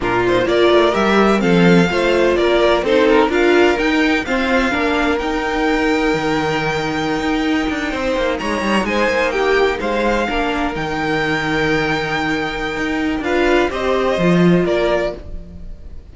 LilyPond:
<<
  \new Staff \with { instrumentName = "violin" } { \time 4/4 \tempo 4 = 127 ais'8 c''8 d''4 e''4 f''4~ | f''4 d''4 c''8 ais'8 f''4 | g''4 f''2 g''4~ | g''1~ |
g''4.~ g''16 ais''4 gis''4 g''16~ | g''8. f''2 g''4~ g''16~ | g''1 | f''4 dis''2 d''4 | }
  \new Staff \with { instrumentName = "violin" } { \time 4/4 f'4 ais'2 a'4 | c''4 ais'4 a'4 ais'4~ | ais'4 c''4 ais'2~ | ais'1~ |
ais'8. c''4 cis''4 c''4 g'16~ | g'8. c''4 ais'2~ ais'16~ | ais'1 | b'4 c''2 ais'4 | }
  \new Staff \with { instrumentName = "viola" } { \time 4/4 d'8 dis'8 f'4 g'4 c'4 | f'2 dis'4 f'4 | dis'4 c'4 d'4 dis'4~ | dis'1~ |
dis'1~ | dis'4.~ dis'16 d'4 dis'4~ dis'16~ | dis'1 | f'4 g'4 f'2 | }
  \new Staff \with { instrumentName = "cello" } { \time 4/4 ais,4 ais8 a8 g4 f4 | a4 ais4 c'4 d'4 | dis'4 f'4 ais4 dis'4~ | dis'4 dis2~ dis16 dis'8.~ |
dis'16 d'8 c'8 ais8 gis8 g8 gis8 ais8.~ | ais8. gis4 ais4 dis4~ dis16~ | dis2. dis'4 | d'4 c'4 f4 ais4 | }
>>